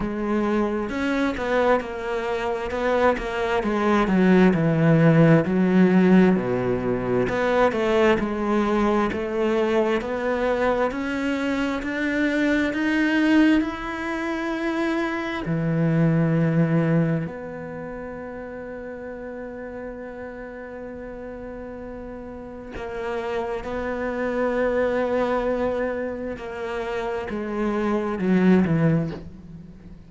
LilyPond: \new Staff \with { instrumentName = "cello" } { \time 4/4 \tempo 4 = 66 gis4 cis'8 b8 ais4 b8 ais8 | gis8 fis8 e4 fis4 b,4 | b8 a8 gis4 a4 b4 | cis'4 d'4 dis'4 e'4~ |
e'4 e2 b4~ | b1~ | b4 ais4 b2~ | b4 ais4 gis4 fis8 e8 | }